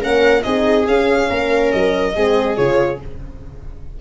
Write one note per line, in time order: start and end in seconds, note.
0.00 0.45 A#3
0.00 0.43 C#4
0.00 0.44 A#4
0.00 0.43 F#5
0.43 0.87 C4
0.43 0.87 D#4
0.43 1.30 G#4
0.43 0.85 D#5
0.87 1.30 C#4
0.87 2.16 C#4
0.87 1.72 F5
1.30 1.73 A#3
1.30 2.15 A#4
1.72 2.16 F#3
1.72 2.57 D#5
2.16 2.58 G#3
2.16 2.57 C4
2.16 3.01 G#4
2.57 3.01 C#3
2.57 2.99 F4
2.57 3.00 C#5